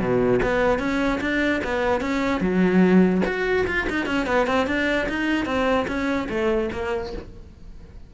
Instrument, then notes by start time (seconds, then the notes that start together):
cello
0.00 B2
0.43 B3
0.79 C#4
1.21 D4
1.65 B3
2.01 C#4
2.41 F#3
3.26 F#4
3.67 F4
3.90 D#4
4.07 C#4
4.27 B3
4.47 C4
4.67 D4
5.09 D#4
5.46 C4
5.88 C#4
6.30 A3
6.73 A#3